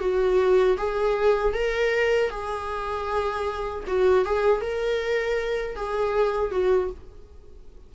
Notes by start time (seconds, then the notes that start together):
0.00 F#4
0.78 G#4
1.53 A#4
2.30 G#4
3.87 F#4
4.25 G#4
4.61 A#4
5.76 G#4
6.51 F#4